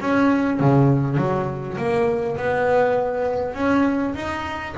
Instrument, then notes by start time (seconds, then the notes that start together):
double bass
0.00 C#4
0.59 C#3
1.17 F#3
1.77 A#3
2.36 B3
3.54 C#4
4.14 D#4